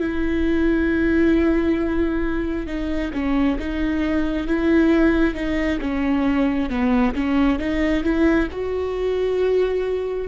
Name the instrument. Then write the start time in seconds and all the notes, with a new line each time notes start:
viola
0.00 E4
2.67 D#4
3.13 C#4
3.59 D#4
4.47 E4
5.34 D#4
5.81 C#4
6.70 B3
7.15 C#4
7.59 D#4
8.04 E4
8.52 F#4